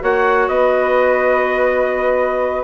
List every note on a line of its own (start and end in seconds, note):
0.00 0.48 A#3
0.00 2.63 F#4
0.00 0.49 C#5
0.00 0.48 F#5
0.48 2.63 B3
0.48 2.63 B4
0.48 2.63 D#5